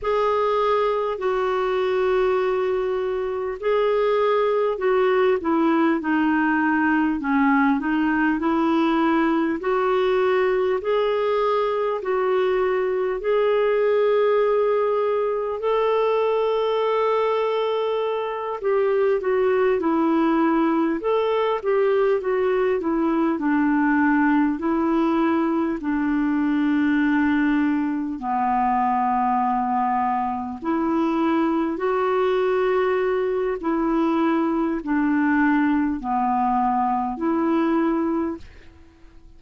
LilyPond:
\new Staff \with { instrumentName = "clarinet" } { \time 4/4 \tempo 4 = 50 gis'4 fis'2 gis'4 | fis'8 e'8 dis'4 cis'8 dis'8 e'4 | fis'4 gis'4 fis'4 gis'4~ | gis'4 a'2~ a'8 g'8 |
fis'8 e'4 a'8 g'8 fis'8 e'8 d'8~ | d'8 e'4 d'2 b8~ | b4. e'4 fis'4. | e'4 d'4 b4 e'4 | }